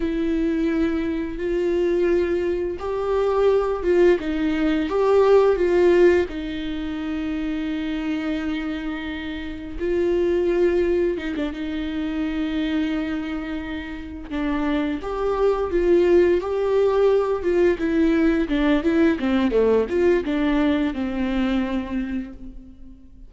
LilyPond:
\new Staff \with { instrumentName = "viola" } { \time 4/4 \tempo 4 = 86 e'2 f'2 | g'4. f'8 dis'4 g'4 | f'4 dis'2.~ | dis'2 f'2 |
dis'16 d'16 dis'2.~ dis'8~ | dis'8 d'4 g'4 f'4 g'8~ | g'4 f'8 e'4 d'8 e'8 c'8 | a8 f'8 d'4 c'2 | }